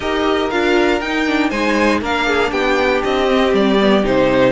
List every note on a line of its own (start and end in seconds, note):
0.00 0.49 D#4
0.00 0.51 G4
0.00 1.49 A#4
0.00 0.50 D#5
0.50 1.01 D4
0.50 1.01 F4
0.50 1.00 F5
1.00 1.50 D#4
1.00 1.26 D#4
1.00 1.50 G5
1.26 1.51 D4
1.49 2.01 G#3
1.49 2.02 D#4
1.49 2.00 C5
1.49 2.00 G#5
2.00 2.51 A#3
2.00 3.28 D4
2.00 2.26 A#4
2.00 2.51 F5
2.26 2.51 G#4
2.51 3.01 B3
2.51 4.51 G4
2.51 3.01 G5
3.03 3.53 C4
3.03 3.54 D#5
3.28 3.78 C4
3.53 4.03 G3
3.53 4.05 D5
3.80 4.03 B3
4.03 4.51 C3
4.03 4.51 D#4
4.03 4.51 C5